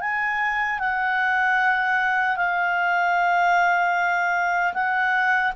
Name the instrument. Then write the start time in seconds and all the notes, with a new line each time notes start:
clarinet
0.00 G#5
0.79 F#5
2.36 F5
4.73 F#5